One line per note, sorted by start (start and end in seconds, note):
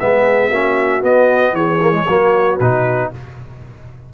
0.00 0.51 G#3
0.00 0.52 B3
0.00 0.49 G#4
0.00 1.03 E5
0.49 1.03 A#3
0.49 1.02 C#4
0.49 1.53 F#4
1.02 1.80 B3
1.02 1.53 B3
1.02 1.56 D#5
1.53 2.05 E3
1.53 2.08 G#4
1.53 2.59 C#5
1.81 1.92 A#3
1.92 2.05 G#3
2.08 2.60 F#3
2.08 2.61 A#3
2.08 3.11 F#4
2.60 3.12 B2
2.60 3.14 D#4
2.60 3.12 B4